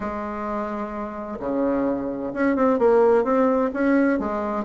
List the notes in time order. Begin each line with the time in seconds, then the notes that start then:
0.00 G#3
1.39 C#3
2.33 C#4
2.56 C4
2.78 A#3
3.24 C4
3.73 C#4
4.19 G#3